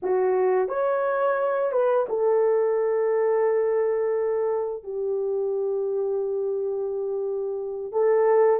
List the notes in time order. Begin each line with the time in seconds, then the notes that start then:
0.02 F#4
0.68 C#5
1.71 B4
2.08 A4
4.83 G4
7.92 A4